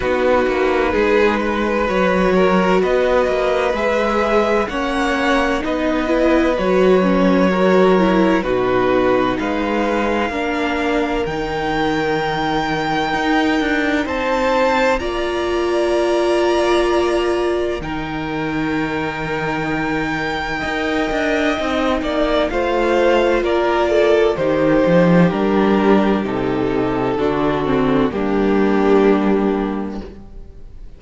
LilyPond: <<
  \new Staff \with { instrumentName = "violin" } { \time 4/4 \tempo 4 = 64 b'2 cis''4 dis''4 | e''4 fis''4 dis''4 cis''4~ | cis''4 b'4 f''2 | g''2. a''4 |
ais''2. g''4~ | g''1 | f''4 d''4 c''4 ais'4 | a'2 g'2 | }
  \new Staff \with { instrumentName = "violin" } { \time 4/4 fis'4 gis'8 b'4 ais'8 b'4~ | b'4 cis''4 b'2 | ais'4 fis'4 b'4 ais'4~ | ais'2. c''4 |
d''2. ais'4~ | ais'2 dis''4. d''8 | c''4 ais'8 a'8 g'2~ | g'4 fis'4 d'2 | }
  \new Staff \with { instrumentName = "viola" } { \time 4/4 dis'2 fis'2 | gis'4 cis'4 dis'8 e'8 fis'8 cis'8 | fis'8 e'8 dis'2 d'4 | dis'1 |
f'2. dis'4~ | dis'2 ais'4 dis'4 | f'2 dis'4 d'4 | dis'4 d'8 c'8 ais2 | }
  \new Staff \with { instrumentName = "cello" } { \time 4/4 b8 ais8 gis4 fis4 b8 ais8 | gis4 ais4 b4 fis4~ | fis4 b,4 gis4 ais4 | dis2 dis'8 d'8 c'4 |
ais2. dis4~ | dis2 dis'8 d'8 c'8 ais8 | a4 ais4 dis8 f8 g4 | c4 d4 g2 | }
>>